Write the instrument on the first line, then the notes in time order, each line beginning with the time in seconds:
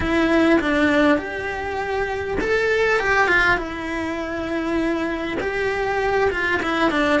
cello
0.00 E4
0.60 D4
1.18 G4
2.41 A4
2.99 G4
3.27 F4
3.57 E4
5.40 G4
6.30 F4
6.62 E4
6.91 D4